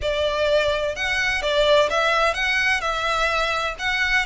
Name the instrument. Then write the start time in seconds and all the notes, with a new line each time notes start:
violin
0.01 D5
0.95 F#5
1.42 D5
1.89 E5
2.34 F#5
2.80 E5
3.78 F#5